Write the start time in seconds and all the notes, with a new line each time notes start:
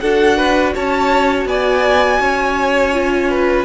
0.00 D4 F#4 A4 F#5
0.37 B4
0.74 C#4 C#5 A5
1.46 B3 D5 G#5
2.20 C#4 C#5
2.93 F4
3.30 B4